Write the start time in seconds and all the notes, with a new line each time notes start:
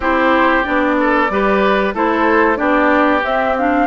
0.00 C4 E4 G4 C5
0.63 B3 D4 D5
0.99 A4
1.29 G3 G4 B4
1.94 A3 E4 A4 C5
2.56 B3 D4 G4 D5
3.23 C4 E5
3.57 D4 F5